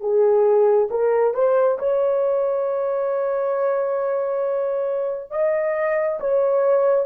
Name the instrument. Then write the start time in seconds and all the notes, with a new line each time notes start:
horn
0.00 G#4
0.90 A#4
1.34 C5
1.78 C#5
5.31 D#5
6.20 C#5